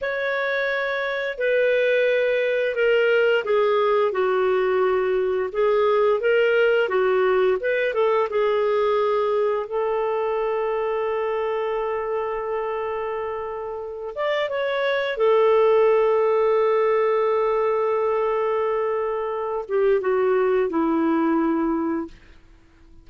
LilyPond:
\new Staff \with { instrumentName = "clarinet" } { \time 4/4 \tempo 4 = 87 cis''2 b'2 | ais'4 gis'4 fis'2 | gis'4 ais'4 fis'4 b'8 a'8 | gis'2 a'2~ |
a'1~ | a'8 d''8 cis''4 a'2~ | a'1~ | a'8 g'8 fis'4 e'2 | }